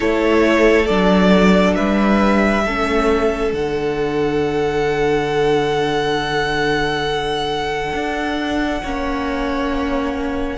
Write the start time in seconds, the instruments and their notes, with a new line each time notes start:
0.00 cello A3, viola E4, violin A4 C#5
0.85 cello F#3, viola D4, violin D5
1.74 cello G3, violin B4 E5
2.64 cello A3, viola C#4, violin A4
3.52 cello D3, viola D4, violin F#5
7.92 cello D4
8.82 cello A#3, viola C#4, violin C#5